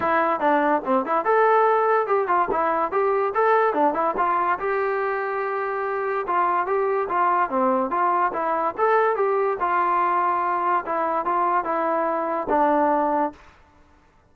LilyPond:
\new Staff \with { instrumentName = "trombone" } { \time 4/4 \tempo 4 = 144 e'4 d'4 c'8 e'8 a'4~ | a'4 g'8 f'8 e'4 g'4 | a'4 d'8 e'8 f'4 g'4~ | g'2. f'4 |
g'4 f'4 c'4 f'4 | e'4 a'4 g'4 f'4~ | f'2 e'4 f'4 | e'2 d'2 | }